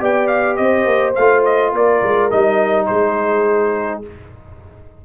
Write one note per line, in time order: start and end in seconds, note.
0.00 0.59 B3
0.00 1.14 G4
0.00 0.58 D5
0.00 0.27 G5
0.27 0.56 F5
0.56 0.85 C4
0.56 1.71 C5
0.56 1.13 D#5
0.85 1.14 A#3
1.15 1.73 A3
1.15 2.31 F4
1.15 1.44 F5
1.45 1.73 D#5
1.71 2.02 A#3
1.71 2.85 A#4
1.71 2.30 D5
2.03 2.32 G#3
2.30 2.89 G3
2.30 4.03 D#4
2.30 2.86 D#5
2.86 4.04 G#3
2.86 4.05 G#4
2.86 4.01 C5